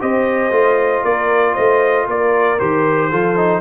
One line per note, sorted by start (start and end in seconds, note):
0.00 0.51 C4
0.00 0.52 G4
0.00 1.05 C5
0.00 1.05 D#5
0.51 1.03 A3
0.51 2.59 F4
1.05 1.56 A#3
1.05 1.55 A#4
1.05 1.55 D5
1.55 2.07 A3
1.55 2.07 C5
1.55 2.06 D#5
2.07 2.59 A#3
2.07 3.11 A#4
2.07 2.60 D5
2.60 3.13 D#3
2.60 3.11 G4
2.60 3.61 C5
3.11 3.61 F3
3.11 3.37 F4
3.11 3.61 A4
3.37 3.61 D#4